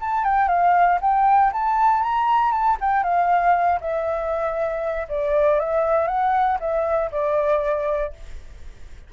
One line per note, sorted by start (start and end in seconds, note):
0.00 0.24 A5
0.24 0.48 G5
0.48 0.99 F5
1.01 1.51 G5
1.52 2.02 A5
2.02 2.51 A#5
2.51 2.77 A5
2.80 3.03 G5
3.03 3.79 F5
3.80 5.07 E5
5.08 5.59 D5
5.59 6.07 E5
6.07 6.58 F#5
6.60 7.10 E5
7.11 8.13 D5